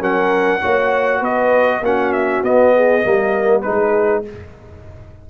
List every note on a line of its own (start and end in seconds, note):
0.00 0.61 F#3
0.00 0.61 C#4
0.00 0.61 A#4
0.00 1.24 F#5
0.61 1.21 A#3
0.61 1.82 F#4
0.61 1.19 C#5
1.19 1.81 B3
1.19 1.80 B4
1.19 1.85 D#5
1.81 2.41 A#3
1.81 2.44 C#4
1.81 2.75 F#4
1.81 2.13 F#5
2.13 2.43 E5
2.43 3.04 B3
2.43 3.03 B3
2.43 3.62 D#5
2.75 3.05 G#4
3.03 3.66 G3
3.03 3.64 A#3
3.03 3.64 A#4
3.62 4.24 D#4
3.62 4.24 G#4
3.62 4.22 B4
3.69 4.30 G#3